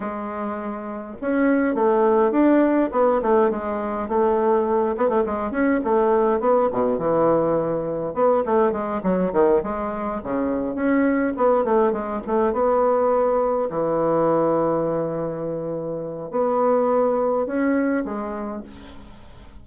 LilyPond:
\new Staff \with { instrumentName = "bassoon" } { \time 4/4 \tempo 4 = 103 gis2 cis'4 a4 | d'4 b8 a8 gis4 a4~ | a8 b16 a16 gis8 cis'8 a4 b8 b,8 | e2 b8 a8 gis8 fis8 |
dis8 gis4 cis4 cis'4 b8 | a8 gis8 a8 b2 e8~ | e1 | b2 cis'4 gis4 | }